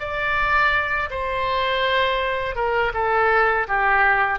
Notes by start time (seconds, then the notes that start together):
0.00 D5
1.11 C5
2.56 A#4
2.94 A4
3.68 G4